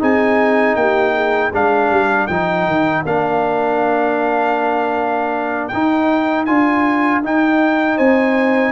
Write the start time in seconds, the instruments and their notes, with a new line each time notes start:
0.00 tuba C4, trombone D#4, horn G#4, trumpet G#5
0.76 tuba A#3, horn G4, trumpet G5
1.14 horn G#4
1.52 tuba G#3, trombone D4, horn A#4, trumpet F5
1.91 tuba G3
2.28 tuba F3, trombone D#4, trumpet G5
2.67 tuba D#3
3.06 tuba A#3, trombone D4, trumpet F5
5.69 tuba D#4, trombone D#4, trumpet G5
6.46 tuba D4, trombone F4, trumpet G#5
7.24 trombone D#4, tuba D#4, trumpet G5
7.97 tuba C4, horn C5, trumpet G#5